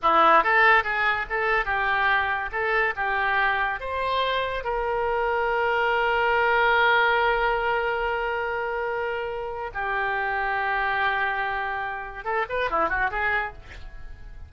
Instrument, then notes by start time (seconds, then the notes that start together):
oboe
0.02 E4
0.43 A4
0.83 G#4
1.29 A4
1.65 G4
2.51 A4
2.96 G4
3.80 C5
4.64 A#4
9.74 G4
12.24 A4
12.49 B4
12.70 E4
12.89 F#4
13.10 G#4